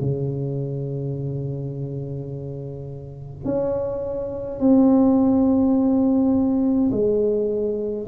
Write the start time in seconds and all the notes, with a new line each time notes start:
0.00 C#3
3.44 C#4
4.59 C4
6.91 G#3